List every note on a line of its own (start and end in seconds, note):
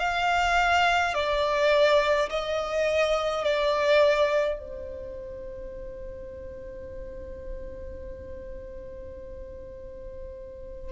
0.00 1.14 F5
1.14 2.30 D5
2.30 3.45 D#5
3.45 4.59 D5
4.59 10.92 C5